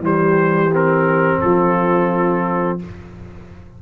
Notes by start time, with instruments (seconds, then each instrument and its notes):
0.00 tuba E3, trombone G3, horn G4, trumpet C5
0.73 trombone C4, trumpet A#4
1.41 tuba F3, horn F4, trumpet A4